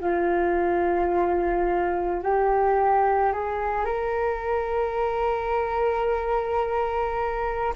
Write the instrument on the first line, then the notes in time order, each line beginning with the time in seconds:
flute
0.00 F4
2.22 G4
3.33 G#4
3.85 A#4